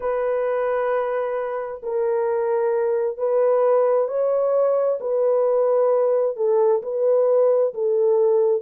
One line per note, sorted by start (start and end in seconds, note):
0.00 1.81 B4
1.82 3.17 A#4
3.17 4.08 B4
4.08 4.99 C#5
5.00 6.36 B4
6.36 6.82 A4
6.82 7.73 B4
7.74 8.61 A4